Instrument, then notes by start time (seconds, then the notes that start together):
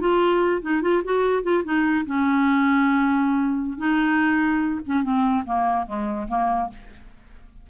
clarinet
0.00 F4
0.62 D#4
0.82 F4
1.04 F#4
1.43 F4
1.64 D#4
2.06 C#4
3.78 D#4
4.86 C#4
5.03 C4
5.45 A#3
5.86 G#3
6.28 A#3